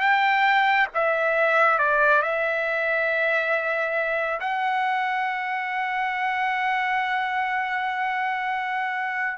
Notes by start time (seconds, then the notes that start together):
0.00 G5
0.94 E5
1.79 D5
2.22 E5
4.40 F#5